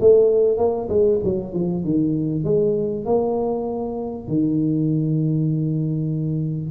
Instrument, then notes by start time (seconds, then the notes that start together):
tuba
0.00 A3
0.57 A#3
0.89 G#3
1.23 F#3
1.53 F3
1.84 D#3
2.44 G#3
3.05 A#3
4.27 D#3